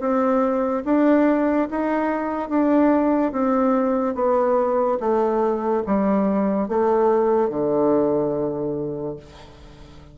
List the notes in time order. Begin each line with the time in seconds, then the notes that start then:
0.00 C4
0.85 D4
1.70 D#4
2.49 D4
3.32 C4
4.15 B3
5.00 A3
5.86 G3
6.69 A3
7.50 D3